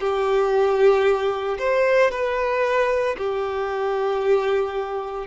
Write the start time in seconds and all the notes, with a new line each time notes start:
0.00 G4
1.59 C5
2.11 B4
3.18 G4